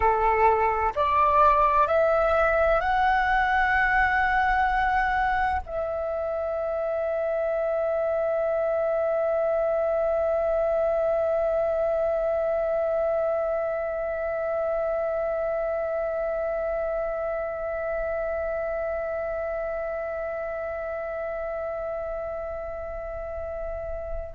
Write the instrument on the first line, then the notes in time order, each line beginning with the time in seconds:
flute
0.00 A4
0.95 D5
1.87 E5
2.80 F#5
5.65 E5